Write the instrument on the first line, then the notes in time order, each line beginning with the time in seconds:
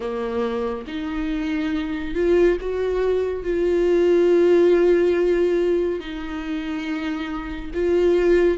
viola
0.00 A#3
0.87 D#4
2.14 F4
2.61 F#4
3.43 F4
6.00 D#4
7.74 F4